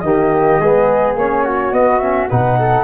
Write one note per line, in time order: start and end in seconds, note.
0.00 0.59 D#3
0.00 0.61 A#3
0.00 0.61 G4
0.00 1.13 D#5
0.59 1.15 G#3
0.59 1.20 B3
0.59 1.44 G#4
1.15 1.72 A#3
1.15 1.73 C#4
1.15 1.73 C#5
1.44 2.29 F#4
1.72 2.28 B3
1.72 2.01 B3
1.72 1.99 D#5
1.99 2.29 C#4
1.99 2.28 E5
2.29 2.84 B2
2.29 2.84 D#4
2.29 2.58 B4
2.29 2.84 F#5
2.59 2.84 A4